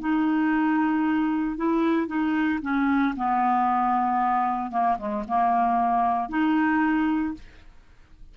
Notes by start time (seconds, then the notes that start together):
0.00 D#4
1.56 E4
2.07 D#4
2.62 C#4
3.16 B3
4.71 A#3
4.98 G#3
5.28 A#3
6.29 D#4